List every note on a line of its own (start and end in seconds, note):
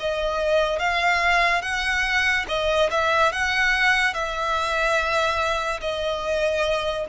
0.00 0.80 D#5
0.80 1.62 F5
1.62 2.46 F#5
2.49 2.91 D#5
2.91 3.33 E5
3.33 4.14 F#5
4.14 5.81 E5
5.81 7.06 D#5